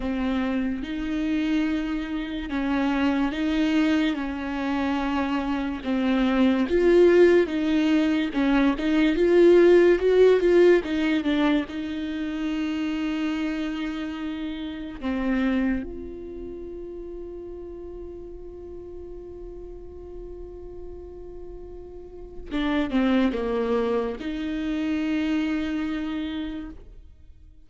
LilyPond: \new Staff \with { instrumentName = "viola" } { \time 4/4 \tempo 4 = 72 c'4 dis'2 cis'4 | dis'4 cis'2 c'4 | f'4 dis'4 cis'8 dis'8 f'4 | fis'8 f'8 dis'8 d'8 dis'2~ |
dis'2 c'4 f'4~ | f'1~ | f'2. d'8 c'8 | ais4 dis'2. | }